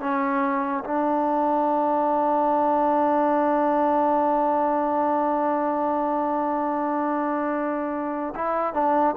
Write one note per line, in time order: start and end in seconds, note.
0.00 0.83 C#4
0.84 8.34 D4
8.35 8.73 E4
8.73 9.15 D4